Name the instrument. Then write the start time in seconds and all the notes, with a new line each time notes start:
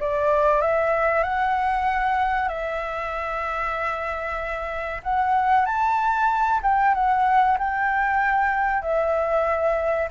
flute
0.00 D5
0.61 E5
1.23 F#5
2.48 E5
5.03 F#5
5.65 A5
6.63 G5
6.94 F#5
7.58 G5
8.82 E5